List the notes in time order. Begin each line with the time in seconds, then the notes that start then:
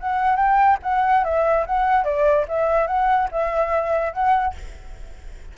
0.00 F#5
0.36 G5
0.82 F#5
1.24 E5
1.66 F#5
2.04 D5
2.48 E5
2.87 F#5
3.31 E5
4.13 F#5